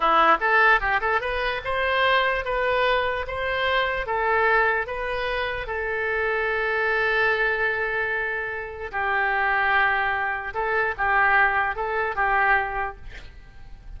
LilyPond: \new Staff \with { instrumentName = "oboe" } { \time 4/4 \tempo 4 = 148 e'4 a'4 g'8 a'8 b'4 | c''2 b'2 | c''2 a'2 | b'2 a'2~ |
a'1~ | a'2 g'2~ | g'2 a'4 g'4~ | g'4 a'4 g'2 | }